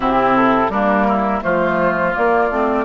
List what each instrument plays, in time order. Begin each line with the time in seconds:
0.00 bassoon C3, clarinet C4, oboe E4, flute G4
0.36 flute A4
0.69 bassoon G3, clarinet A#3, oboe D4, flute A#4
1.08 oboe E4
1.41 bassoon F3, clarinet A3, oboe F4, flute C5
2.12 clarinet A#3, bassoon A#3, flute D5
2.50 bassoon A3, clarinet C4